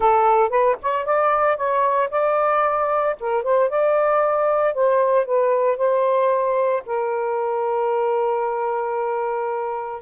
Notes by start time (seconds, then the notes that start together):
0.00 A4
0.49 B4
0.82 C#5
1.05 D5
1.56 C#5
2.10 D5
3.19 A#4
3.43 C5
3.69 D5
4.74 C5
5.25 B4
5.77 C5
6.86 A#4